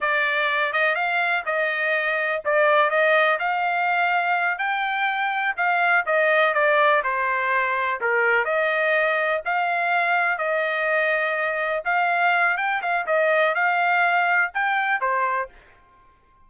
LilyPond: \new Staff \with { instrumentName = "trumpet" } { \time 4/4 \tempo 4 = 124 d''4. dis''8 f''4 dis''4~ | dis''4 d''4 dis''4 f''4~ | f''4. g''2 f''8~ | f''8 dis''4 d''4 c''4.~ |
c''8 ais'4 dis''2 f''8~ | f''4. dis''2~ dis''8~ | dis''8 f''4. g''8 f''8 dis''4 | f''2 g''4 c''4 | }